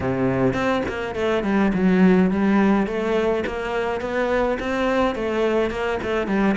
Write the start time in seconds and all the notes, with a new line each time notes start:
0.00 C3
0.53 C4
0.88 A#3
1.15 A3
1.43 G3
1.74 F#3
2.30 G3
2.86 A3
3.46 A#3
4.01 B3
4.59 C4
5.15 A3
5.70 A#3
6.02 A3
6.27 G3